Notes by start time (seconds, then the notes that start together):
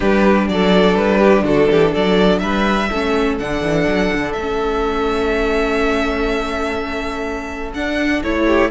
0.00 G3 D4 G4 B4
0.48 F#3 A4 D5
0.95 G3 B4
1.18 G4
1.43 D3 F#4 A4
1.70 E3 G4
1.91 F#3 A4 D5
2.38 G3 B4 E5
2.89 A3 C#4 A4
3.39 D3 D4 F#5
3.62 E3
3.87 F#3
4.13 D3
4.32 A3 E5
4.40 C#4
7.74 D4 F#5
8.23 A3 E4 C#5
8.46 G4